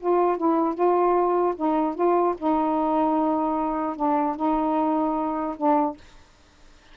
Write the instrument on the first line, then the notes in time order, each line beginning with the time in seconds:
saxophone
0.00 F4
0.37 E4
0.74 F4
1.56 D#4
1.95 F4
2.37 D#4
3.96 D4
4.36 D#4
5.57 D4